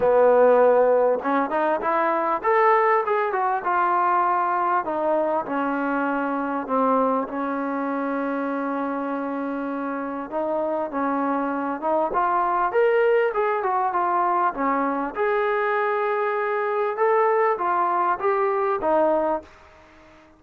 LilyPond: \new Staff \with { instrumentName = "trombone" } { \time 4/4 \tempo 4 = 99 b2 cis'8 dis'8 e'4 | a'4 gis'8 fis'8 f'2 | dis'4 cis'2 c'4 | cis'1~ |
cis'4 dis'4 cis'4. dis'8 | f'4 ais'4 gis'8 fis'8 f'4 | cis'4 gis'2. | a'4 f'4 g'4 dis'4 | }